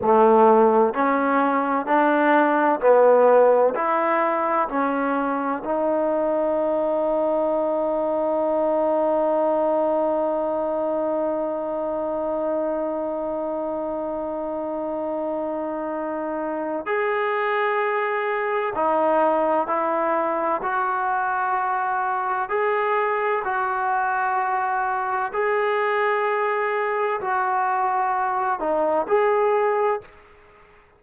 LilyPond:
\new Staff \with { instrumentName = "trombone" } { \time 4/4 \tempo 4 = 64 a4 cis'4 d'4 b4 | e'4 cis'4 dis'2~ | dis'1~ | dis'1~ |
dis'2 gis'2 | dis'4 e'4 fis'2 | gis'4 fis'2 gis'4~ | gis'4 fis'4. dis'8 gis'4 | }